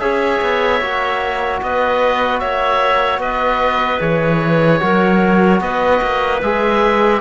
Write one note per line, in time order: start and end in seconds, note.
0.00 0.41 C#4
0.00 0.81 G#4
0.00 1.61 C#5
0.00 1.60 E5
0.42 0.81 B3
0.81 1.61 A#3
0.81 4.00 F#4
1.62 2.41 B3
1.62 2.42 B4
1.62 2.40 D#5
2.40 3.19 A#3
2.40 3.20 C#5
2.40 3.20 E5
3.19 3.99 B3
3.19 4.80 B4
3.19 4.01 D#5
4.00 4.81 E3
4.00 4.80 G#4
4.00 5.61 C#5
4.80 5.61 F#3
4.80 6.40 F#4
4.80 5.62 A#4
5.61 6.01 B3
5.61 7.21 B4
5.61 6.41 D#5
6.02 6.42 A#3
6.42 7.21 G#3
6.42 7.21 G#4
6.42 7.21 E5